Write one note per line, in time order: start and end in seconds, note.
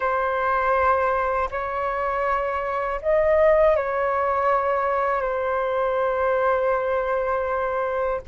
0.00 1.49 C5
1.50 3.00 C#5
3.01 3.76 D#5
3.76 5.21 C#5
5.21 8.21 C5